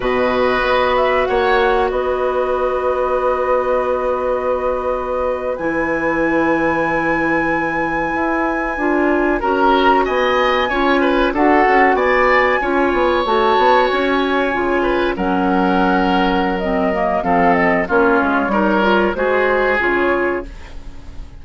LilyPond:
<<
  \new Staff \with { instrumentName = "flute" } { \time 4/4 \tempo 4 = 94 dis''4. e''8 fis''4 dis''4~ | dis''1~ | dis''8. gis''2.~ gis''16~ | gis''2~ gis''8. ais''4 gis''16~ |
gis''4.~ gis''16 fis''4 gis''4~ gis''16~ | gis''8. a''4 gis''2 fis''16~ | fis''2 dis''4 f''8 dis''8 | cis''2 c''4 cis''4 | }
  \new Staff \with { instrumentName = "oboe" } { \time 4/4 b'2 cis''4 b'4~ | b'1~ | b'1~ | b'2~ b'8. ais'4 dis''16~ |
dis''8. cis''8 b'8 a'4 d''4 cis''16~ | cis''2.~ cis''16 b'8 ais'16~ | ais'2. a'4 | f'4 ais'4 gis'2 | }
  \new Staff \with { instrumentName = "clarinet" } { \time 4/4 fis'1~ | fis'1~ | fis'8. e'2.~ e'16~ | e'4.~ e'16 f'4 fis'4~ fis'16~ |
fis'8. f'4 fis'2 f'16~ | f'8. fis'2 f'4 cis'16~ | cis'2 c'8 ais8 c'4 | cis'4 dis'8 f'8 fis'4 f'4 | }
  \new Staff \with { instrumentName = "bassoon" } { \time 4/4 b,4 b4 ais4 b4~ | b1~ | b8. e2.~ e16~ | e8. e'4 d'4 cis'4 b16~ |
b8. cis'4 d'8 cis'8 b4 cis'16~ | cis'16 b8 a8 b8 cis'4 cis4 fis16~ | fis2. f4 | ais8 gis8 g4 gis4 cis4 | }
>>